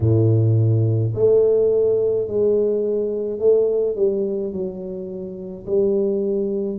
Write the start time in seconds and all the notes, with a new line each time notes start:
0.00 A2
1.14 A3
2.27 G#3
3.39 A3
3.95 G3
4.52 F#3
5.66 G3